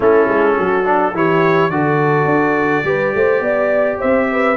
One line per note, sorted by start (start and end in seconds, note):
0.00 0.27 A3
0.00 0.84 C#4
0.00 0.56 E4
0.00 1.16 A4
0.27 0.56 G#3
0.56 1.13 F#3
0.56 1.14 F#4
0.84 1.13 D4
1.13 1.69 E3
1.13 1.71 E4
1.13 1.72 G4
1.13 1.69 C#5
1.69 2.25 D3
1.69 2.84 F#4
1.69 2.86 A4
1.69 3.98 D5
2.25 2.82 D4
2.84 3.12 G3
2.84 4.55 G4
2.84 3.15 B4
3.14 3.40 A3
3.14 3.43 C5
3.40 3.97 B3
3.40 3.98 D5
3.98 4.57 C4
3.98 4.27 C5
3.98 4.57 E5
4.31 4.57 B4